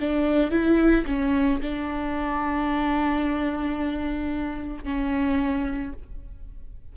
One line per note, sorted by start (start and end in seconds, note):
0.00 0.51 D4
0.51 1.06 E4
1.07 1.61 C#4
1.62 4.84 D4
4.84 5.93 C#4